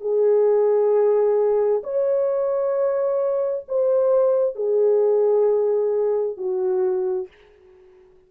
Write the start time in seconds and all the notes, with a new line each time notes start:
0.00 G#4
1.83 C#5
3.68 C5
4.55 G#4
6.37 F#4